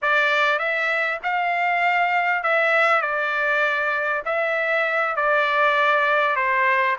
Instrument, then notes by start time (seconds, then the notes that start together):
trumpet
0.02 D5
0.58 E5
1.23 F5
2.43 E5
3.01 D5
4.25 E5
5.16 D5
6.36 C5